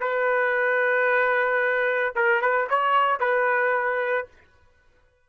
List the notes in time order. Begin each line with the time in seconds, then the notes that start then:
0.00 B4
2.16 A#4
2.41 B4
2.69 C#5
3.20 B4